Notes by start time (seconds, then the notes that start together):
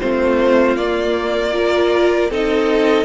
0.00 A3 C4 F4 C5
0.76 A#3 D5
1.52 F4 A#4
2.30 C4 D#4 A4 D#5